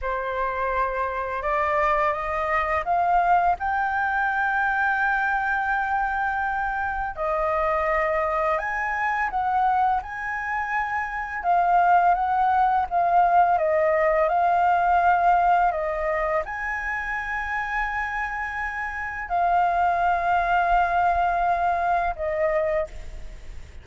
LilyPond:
\new Staff \with { instrumentName = "flute" } { \time 4/4 \tempo 4 = 84 c''2 d''4 dis''4 | f''4 g''2.~ | g''2 dis''2 | gis''4 fis''4 gis''2 |
f''4 fis''4 f''4 dis''4 | f''2 dis''4 gis''4~ | gis''2. f''4~ | f''2. dis''4 | }